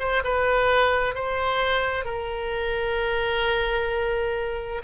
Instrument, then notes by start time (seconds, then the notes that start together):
oboe
0.00 C5
0.24 B4
1.15 C5
2.05 A#4